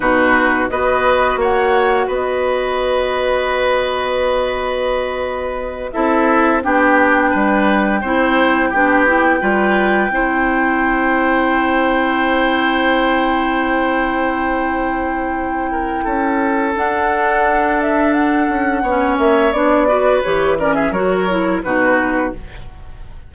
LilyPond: <<
  \new Staff \with { instrumentName = "flute" } { \time 4/4 \tempo 4 = 86 b'4 dis''4 fis''4 dis''4~ | dis''1~ | dis''8 e''4 g''2~ g''8~ | g''1~ |
g''1~ | g''1 | fis''4. e''8 fis''4. e''8 | d''4 cis''8 d''16 e''16 cis''4 b'4 | }
  \new Staff \with { instrumentName = "oboe" } { \time 4/4 fis'4 b'4 cis''4 b'4~ | b'1~ | b'8 a'4 g'4 b'4 c''8~ | c''8 g'4 b'4 c''4.~ |
c''1~ | c''2~ c''8 ais'8 a'4~ | a'2. cis''4~ | cis''8 b'4 ais'16 gis'16 ais'4 fis'4 | }
  \new Staff \with { instrumentName = "clarinet" } { \time 4/4 dis'4 fis'2.~ | fis'1~ | fis'8 e'4 d'2 e'8~ | e'8 d'8 e'8 f'4 e'4.~ |
e'1~ | e'1 | d'2. cis'4 | d'8 fis'8 g'8 cis'8 fis'8 e'8 dis'4 | }
  \new Staff \with { instrumentName = "bassoon" } { \time 4/4 b,4 b4 ais4 b4~ | b1~ | b8 c'4 b4 g4 c'8~ | c'8 b4 g4 c'4.~ |
c'1~ | c'2. cis'4 | d'2~ d'8 cis'8 b8 ais8 | b4 e4 fis4 b,4 | }
>>